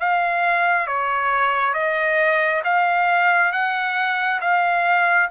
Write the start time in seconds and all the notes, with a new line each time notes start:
0.00 F5
0.87 C#5
1.74 D#5
2.64 F5
3.53 F#5
4.42 F5